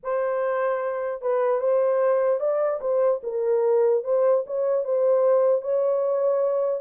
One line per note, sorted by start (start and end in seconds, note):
0.03 1.21 C5
1.21 1.60 B4
1.60 2.40 C5
2.40 2.80 D5
2.81 3.21 C5
3.23 4.03 A#4
4.04 4.44 C5
4.46 4.84 C#5
4.84 5.61 C5
5.61 6.80 C#5